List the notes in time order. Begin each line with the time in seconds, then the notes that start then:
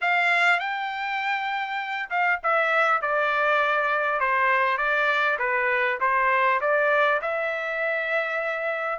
0.01 F5
0.59 G5
2.10 F5
2.43 E5
3.01 D5
4.20 C5
4.77 D5
5.38 B4
6.00 C5
6.61 D5
7.21 E5